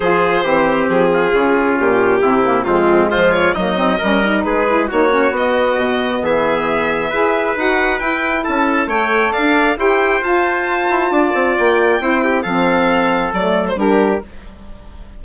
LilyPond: <<
  \new Staff \with { instrumentName = "violin" } { \time 4/4 \tempo 4 = 135 c''2 gis'2 | g'2 f'4 c''8 cis''8 | dis''2 b'4 cis''4 | dis''2 e''2~ |
e''4 fis''4 g''4 a''4 | g''4 f''4 g''4 a''4~ | a''2 g''2 | f''2 d''8. c''16 ais'4 | }
  \new Staff \with { instrumentName = "trumpet" } { \time 4/4 gis'4 g'4. f'4.~ | f'4 e'4 c'4 f'4 | dis'4 ais'4 gis'4 fis'4~ | fis'2 gis'2 |
b'2. a'4 | cis''4 d''4 c''2~ | c''4 d''2 c''8 g'8 | a'2. g'4 | }
  \new Staff \with { instrumentName = "saxophone" } { \time 4/4 f'4 c'2 cis'4~ | cis'4 c'8 ais8 gis2 | ais8 c'8 cis'8 dis'4 e'8 dis'8 cis'8 | b1 |
gis'4 fis'4 e'2 | a'2 g'4 f'4~ | f'2. e'4 | c'2 a4 d'4 | }
  \new Staff \with { instrumentName = "bassoon" } { \time 4/4 f4 e4 f4 cis4 | ais,4 c4 f,4 f4 | fis4 g4 gis4 ais4 | b4 b,4 e2 |
e'4 dis'4 e'4 cis'4 | a4 d'4 e'4 f'4~ | f'8 e'8 d'8 c'8 ais4 c'4 | f2 fis4 g4 | }
>>